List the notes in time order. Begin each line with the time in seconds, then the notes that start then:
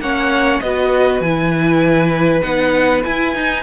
0.00 A#3 C#4 C#5 F#5
0.61 B3 F#4 B4 D#5
1.21 E3 E4 G#5
2.41 B3 D#4 F#5
3.04 E4 G#5
3.34 D#4